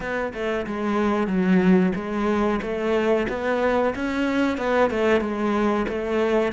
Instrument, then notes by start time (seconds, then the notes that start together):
cello
0.00 B3
0.33 A3
0.66 G#3
1.27 F#3
1.95 G#3
2.61 A3
3.28 B3
3.95 C#4
4.57 B3
4.90 A3
5.20 G#3
5.88 A3